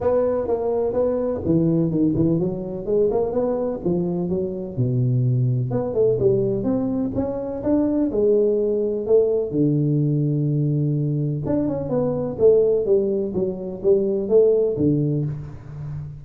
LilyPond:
\new Staff \with { instrumentName = "tuba" } { \time 4/4 \tempo 4 = 126 b4 ais4 b4 e4 | dis8 e8 fis4 gis8 ais8 b4 | f4 fis4 b,2 | b8 a8 g4 c'4 cis'4 |
d'4 gis2 a4 | d1 | d'8 cis'8 b4 a4 g4 | fis4 g4 a4 d4 | }